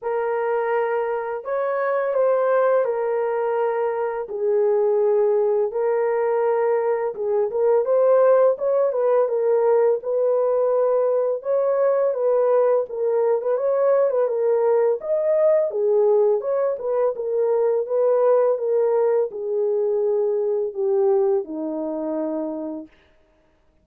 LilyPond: \new Staff \with { instrumentName = "horn" } { \time 4/4 \tempo 4 = 84 ais'2 cis''4 c''4 | ais'2 gis'2 | ais'2 gis'8 ais'8 c''4 | cis''8 b'8 ais'4 b'2 |
cis''4 b'4 ais'8. b'16 cis''8. b'16 | ais'4 dis''4 gis'4 cis''8 b'8 | ais'4 b'4 ais'4 gis'4~ | gis'4 g'4 dis'2 | }